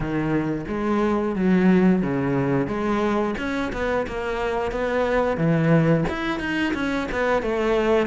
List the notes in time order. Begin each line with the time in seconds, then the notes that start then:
0.00 D#3
0.68 G#3
1.35 F#3
2.02 C#3
2.67 G#3
3.38 C#4
3.72 B3
4.07 A#3
4.71 B3
5.37 E3
6.09 E4
6.39 D#4
6.74 C#4
7.11 B3
7.42 A3